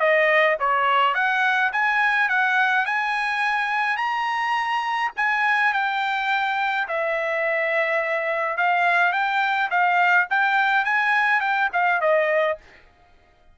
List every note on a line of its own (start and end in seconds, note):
0.00 0.57 D#5
0.60 1.15 C#5
1.15 1.72 F#5
1.73 2.29 G#5
2.29 2.86 F#5
2.86 3.97 G#5
3.97 5.11 A#5
5.17 5.74 G#5
5.74 6.88 G5
6.89 8.58 E5
8.58 9.13 F5
9.13 9.70 G5
9.71 10.28 F5
10.30 10.85 G5
10.85 11.41 G#5
11.41 11.70 G5
11.73 12.01 F5
12.01 12.58 D#5